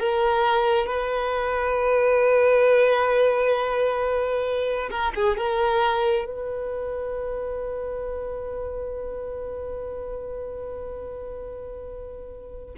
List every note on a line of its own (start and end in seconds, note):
0.00 0.87 A#4
0.87 4.90 B4
4.91 5.13 A#4
5.16 5.37 G#4
5.37 6.25 A#4
6.25 12.74 B4